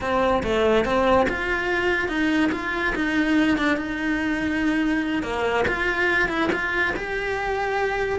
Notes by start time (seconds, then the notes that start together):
0.00 C4
0.43 A3
0.84 C4
1.29 F4
2.08 D#4
2.52 F4
2.95 D#4
3.57 D4
3.76 D#4
5.22 A#3
5.67 F4
6.28 E4
6.52 F4
6.96 G4